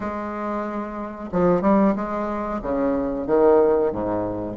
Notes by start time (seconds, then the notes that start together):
0.00 G#3
1.32 F3
1.61 G3
1.95 G#3
2.61 C#3
3.26 D#3
3.91 G#2